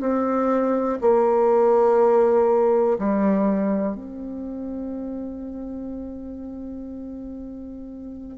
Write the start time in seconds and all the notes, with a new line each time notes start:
0.00 C4
1.01 A#3
2.98 G3
3.95 C4